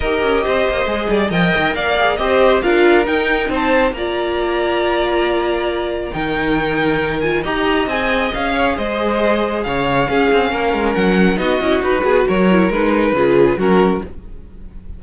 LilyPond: <<
  \new Staff \with { instrumentName = "violin" } { \time 4/4 \tempo 4 = 137 dis''2. g''4 | f''4 dis''4 f''4 g''4 | a''4 ais''2.~ | ais''2 g''2~ |
g''8 gis''8 ais''4 gis''4 f''4 | dis''2 f''2~ | f''4 fis''4 dis''4 b'4 | cis''4 b'2 ais'4 | }
  \new Staff \with { instrumentName = "violin" } { \time 4/4 ais'4 c''4. d''8 dis''4 | d''4 c''4 ais'2 | c''4 d''2.~ | d''2 ais'2~ |
ais'4 dis''2~ dis''8 cis''8 | c''2 cis''4 gis'4 | ais'2 fis'4. gis'8 | ais'2 gis'4 fis'4 | }
  \new Staff \with { instrumentName = "viola" } { \time 4/4 g'2 gis'4 ais'4~ | ais'8 gis'8 g'4 f'4 dis'4~ | dis'4 f'2.~ | f'2 dis'2~ |
dis'8 f'8 g'4 gis'2~ | gis'2. cis'4~ | cis'2 dis'8 e'8 fis'4~ | fis'8 e'8 dis'4 f'4 cis'4 | }
  \new Staff \with { instrumentName = "cello" } { \time 4/4 dis'8 cis'8 c'8 ais8 gis8 g8 f8 dis8 | ais4 c'4 d'4 dis'4 | c'4 ais2.~ | ais2 dis2~ |
dis4 dis'4 c'4 cis'4 | gis2 cis4 cis'8 c'8 | ais8 gis8 fis4 b8 cis'8 dis'8 b8 | fis4 gis4 cis4 fis4 | }
>>